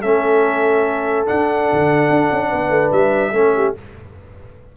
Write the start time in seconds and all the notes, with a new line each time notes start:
0.00 A3 C#4 A4 E5
1.27 D4 F#5
1.73 D3
2.10 D4
2.32 C#4
2.49 B3 B4
2.70 A3
2.92 G3 E5
3.32 A3 C#4 A4
3.56 G4